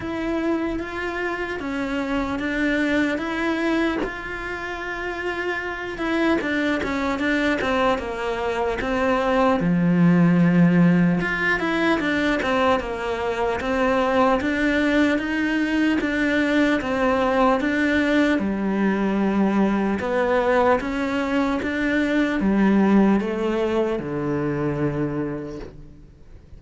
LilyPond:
\new Staff \with { instrumentName = "cello" } { \time 4/4 \tempo 4 = 75 e'4 f'4 cis'4 d'4 | e'4 f'2~ f'8 e'8 | d'8 cis'8 d'8 c'8 ais4 c'4 | f2 f'8 e'8 d'8 c'8 |
ais4 c'4 d'4 dis'4 | d'4 c'4 d'4 g4~ | g4 b4 cis'4 d'4 | g4 a4 d2 | }